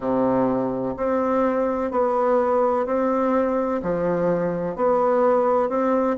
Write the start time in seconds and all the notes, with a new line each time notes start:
0.00 C3
0.97 C4
1.90 B3
2.86 C4
3.82 F3
4.76 B3
5.69 C4